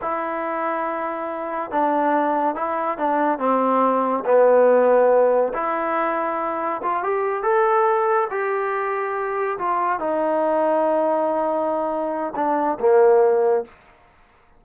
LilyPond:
\new Staff \with { instrumentName = "trombone" } { \time 4/4 \tempo 4 = 141 e'1 | d'2 e'4 d'4 | c'2 b2~ | b4 e'2. |
f'8 g'4 a'2 g'8~ | g'2~ g'8 f'4 dis'8~ | dis'1~ | dis'4 d'4 ais2 | }